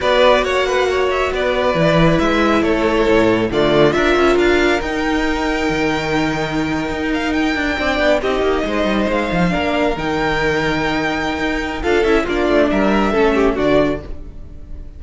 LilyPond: <<
  \new Staff \with { instrumentName = "violin" } { \time 4/4 \tempo 4 = 137 d''4 fis''4. e''8 d''4~ | d''4 e''4 cis''2 | d''4 e''4 f''4 g''4~ | g''1~ |
g''16 f''8 g''2 dis''4~ dis''16~ | dis''8. f''2 g''4~ g''16~ | g''2. f''8 e''8 | d''4 e''2 d''4 | }
  \new Staff \with { instrumentName = "violin" } { \time 4/4 b'4 cis''8 b'8 cis''4 b'4~ | b'2 a'2 | f'4 ais'2.~ | ais'1~ |
ais'4.~ ais'16 d''4 g'4 c''16~ | c''4.~ c''16 ais'2~ ais'16~ | ais'2. a'4 | f'4 ais'4 a'8 g'8 fis'4 | }
  \new Staff \with { instrumentName = "viola" } { \time 4/4 fis'1 | e'1 | a4 f'2 dis'4~ | dis'1~ |
dis'4.~ dis'16 d'4 dis'4~ dis'16~ | dis'4.~ dis'16 d'4 dis'4~ dis'16~ | dis'2. f'8 e'8 | d'2 cis'4 d'4 | }
  \new Staff \with { instrumentName = "cello" } { \time 4/4 b4 ais2 b4 | e4 gis4 a4 a,4 | d4 d'8 cis'8 d'4 dis'4~ | dis'4 dis2~ dis8. dis'16~ |
dis'4~ dis'16 d'8 c'8 b8 c'8 ais8 gis16~ | gis16 g8 gis8 f8 ais4 dis4~ dis16~ | dis2 dis'4 d'8 cis'8 | ais8 a8 g4 a4 d4 | }
>>